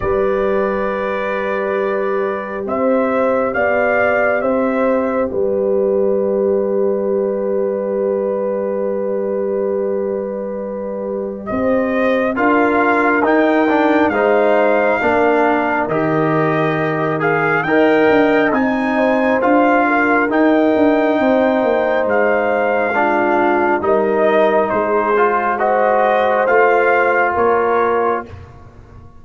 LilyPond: <<
  \new Staff \with { instrumentName = "trumpet" } { \time 4/4 \tempo 4 = 68 d''2. e''4 | f''4 e''4 d''2~ | d''1~ | d''4 dis''4 f''4 g''4 |
f''2 dis''4. f''8 | g''4 gis''4 f''4 g''4~ | g''4 f''2 dis''4 | c''4 dis''4 f''4 cis''4 | }
  \new Staff \with { instrumentName = "horn" } { \time 4/4 b'2. c''4 | d''4 c''4 b'2~ | b'1~ | b'4 c''4 ais'2 |
c''4 ais'2. | dis''4. c''4 ais'4. | c''2 f'4 ais'4 | gis'4 c''2 ais'4 | }
  \new Staff \with { instrumentName = "trombone" } { \time 4/4 g'1~ | g'1~ | g'1~ | g'2 f'4 dis'8 d'8 |
dis'4 d'4 g'4. gis'8 | ais'4 dis'4 f'4 dis'4~ | dis'2 d'4 dis'4~ | dis'8 f'8 fis'4 f'2 | }
  \new Staff \with { instrumentName = "tuba" } { \time 4/4 g2. c'4 | b4 c'4 g2~ | g1~ | g4 c'4 d'4 dis'4 |
gis4 ais4 dis2 | dis'8 d'8 c'4 d'4 dis'8 d'8 | c'8 ais8 gis2 g4 | gis2 a4 ais4 | }
>>